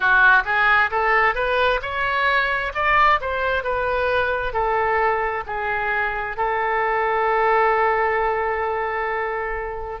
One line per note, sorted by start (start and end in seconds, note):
0.00 0.43 F#4
0.45 0.90 G#4
0.90 1.34 A4
1.34 1.80 B4
1.82 2.73 C#5
2.74 3.19 D5
3.20 3.63 C5
3.63 4.52 B4
4.52 5.43 A4
5.46 6.36 G#4
6.36 10.00 A4